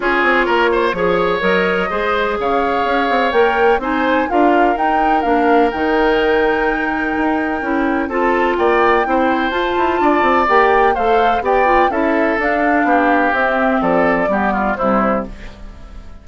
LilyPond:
<<
  \new Staff \with { instrumentName = "flute" } { \time 4/4 \tempo 4 = 126 cis''2. dis''4~ | dis''4 f''2 g''4 | gis''4 f''4 g''4 f''4 | g''1~ |
g''4 a''4 g''2 | a''2 g''4 f''4 | g''4 e''4 f''2 | e''4 d''2 c''4 | }
  \new Staff \with { instrumentName = "oboe" } { \time 4/4 gis'4 ais'8 c''8 cis''2 | c''4 cis''2. | c''4 ais'2.~ | ais'1~ |
ais'4 a'4 d''4 c''4~ | c''4 d''2 c''4 | d''4 a'2 g'4~ | g'4 a'4 g'8 f'8 e'4 | }
  \new Staff \with { instrumentName = "clarinet" } { \time 4/4 f'2 gis'4 ais'4 | gis'2. ais'4 | dis'4 f'4 dis'4 d'4 | dis'1 |
e'4 f'2 e'4 | f'2 g'4 a'4 | g'8 f'8 e'4 d'2 | c'2 b4 g4 | }
  \new Staff \with { instrumentName = "bassoon" } { \time 4/4 cis'8 c'8 ais4 f4 fis4 | gis4 cis4 cis'8 c'8 ais4 | c'4 d'4 dis'4 ais4 | dis2. dis'4 |
cis'4 c'4 ais4 c'4 | f'8 e'8 d'8 c'8 ais4 a4 | b4 cis'4 d'4 b4 | c'4 f4 g4 c4 | }
>>